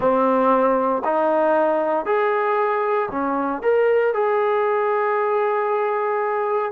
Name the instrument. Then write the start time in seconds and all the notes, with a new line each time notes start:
trombone
0.00 C4
1.04 D#4
2.05 G#4
3.11 C#4
3.62 A#4
4.13 G#4